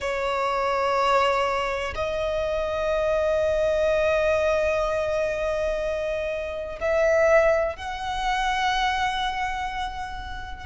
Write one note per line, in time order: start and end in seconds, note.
0.00 1.94 C#5
1.95 6.79 D#5
6.80 7.76 E5
7.76 10.66 F#5